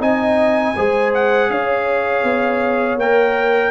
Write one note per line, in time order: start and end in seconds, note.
0.00 0.75 C4
0.00 0.74 D#4
0.00 0.75 D#5
0.00 1.13 G#5
0.76 1.50 G#3
0.76 2.99 G#4
0.76 1.50 C5
1.14 1.51 F#5
1.50 2.24 C#4
1.50 3.71 C#5
1.50 2.99 F5
2.24 2.96 B3
2.96 3.70 A#3
2.96 3.71 A#4
2.96 3.71 G5